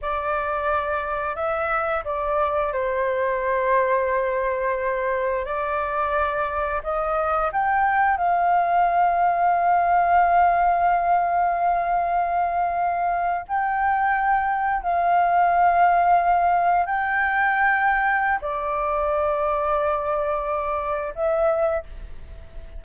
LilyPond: \new Staff \with { instrumentName = "flute" } { \time 4/4 \tempo 4 = 88 d''2 e''4 d''4 | c''1 | d''2 dis''4 g''4 | f''1~ |
f''2.~ f''8. g''16~ | g''4.~ g''16 f''2~ f''16~ | f''8. g''2~ g''16 d''4~ | d''2. e''4 | }